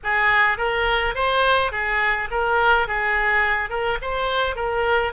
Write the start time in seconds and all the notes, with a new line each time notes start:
0.03 G#4
0.57 A#4
1.14 C5
1.71 G#4
2.31 A#4
2.87 G#4
3.69 A#4
4.01 C5
4.55 A#4